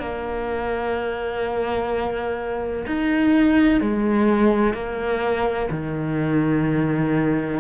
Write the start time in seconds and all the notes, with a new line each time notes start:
0.00 A#3
2.87 D#4
3.81 G#3
4.74 A#3
5.71 D#3